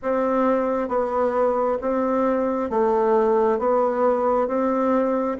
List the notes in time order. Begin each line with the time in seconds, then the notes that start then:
0.02 C4
0.88 B3
1.81 C4
2.69 A3
3.59 B3
4.47 C4